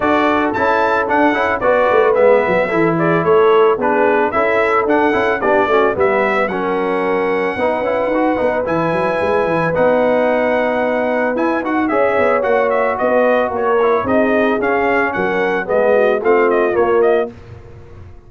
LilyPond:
<<
  \new Staff \with { instrumentName = "trumpet" } { \time 4/4 \tempo 4 = 111 d''4 a''4 fis''4 d''4 | e''4. d''8 cis''4 b'4 | e''4 fis''4 d''4 e''4 | fis''1 |
gis''2 fis''2~ | fis''4 gis''8 fis''8 e''4 fis''8 e''8 | dis''4 cis''4 dis''4 f''4 | fis''4 dis''4 f''8 dis''8 cis''8 dis''8 | }
  \new Staff \with { instrumentName = "horn" } { \time 4/4 a'2. b'4~ | b'4 a'8 gis'8 a'4 gis'4 | a'2 g'8 fis'8 b'4 | ais'2 b'2~ |
b'1~ | b'2 cis''2 | b'4 ais'4 gis'2 | ais'4 gis'8 fis'8 f'2 | }
  \new Staff \with { instrumentName = "trombone" } { \time 4/4 fis'4 e'4 d'8 e'8 fis'4 | b4 e'2 d'4 | e'4 d'8 e'8 d'8 cis'8 b4 | cis'2 dis'8 e'8 fis'8 dis'8 |
e'2 dis'2~ | dis'4 e'8 fis'8 gis'4 fis'4~ | fis'4. e'8 dis'4 cis'4~ | cis'4 b4 c'4 ais4 | }
  \new Staff \with { instrumentName = "tuba" } { \time 4/4 d'4 cis'4 d'8 cis'8 b8 a8 | gis8 fis8 e4 a4 b4 | cis'4 d'8 cis'8 b8 a8 g4 | fis2 b8 cis'8 dis'8 b8 |
e8 fis8 gis8 e8 b2~ | b4 e'8 dis'8 cis'8 b8 ais4 | b4 ais4 c'4 cis'4 | fis4 gis4 a4 ais4 | }
>>